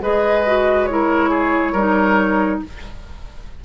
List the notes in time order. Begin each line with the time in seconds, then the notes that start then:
0.00 G#3 G#4 B4 D#5
0.45 F#4
0.85 E4 C#5
0.91 A#4
1.29 G#4
1.72 G3 D#4 A#4